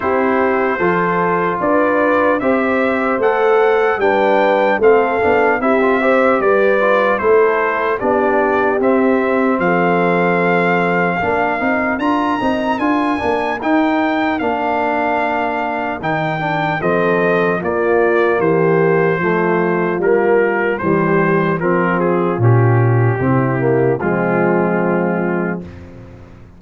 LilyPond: <<
  \new Staff \with { instrumentName = "trumpet" } { \time 4/4 \tempo 4 = 75 c''2 d''4 e''4 | fis''4 g''4 f''4 e''4 | d''4 c''4 d''4 e''4 | f''2. ais''4 |
gis''4 g''4 f''2 | g''4 dis''4 d''4 c''4~ | c''4 ais'4 c''4 ais'8 gis'8 | g'2 f'2 | }
  \new Staff \with { instrumentName = "horn" } { \time 4/4 g'4 a'4 b'4 c''4~ | c''4 b'4 a'4 g'8 c''8 | b'4 a'4 g'2 | a'2 ais'2~ |
ais'1~ | ais'4 a'4 f'4 g'4 | f'2 g'4 f'4~ | f'4 e'4 c'2 | }
  \new Staff \with { instrumentName = "trombone" } { \time 4/4 e'4 f'2 g'4 | a'4 d'4 c'8 d'8 e'16 f'16 g'8~ | g'8 f'8 e'4 d'4 c'4~ | c'2 d'8 dis'8 f'8 dis'8 |
f'8 d'8 dis'4 d'2 | dis'8 d'8 c'4 ais2 | a4 ais4 g4 c'4 | cis'4 c'8 ais8 gis2 | }
  \new Staff \with { instrumentName = "tuba" } { \time 4/4 c'4 f4 d'4 c'4 | a4 g4 a8 b8 c'4 | g4 a4 b4 c'4 | f2 ais8 c'8 d'8 c'8 |
d'8 ais8 dis'4 ais2 | dis4 f4 ais4 e4 | f4 g4 e4 f4 | ais,4 c4 f2 | }
>>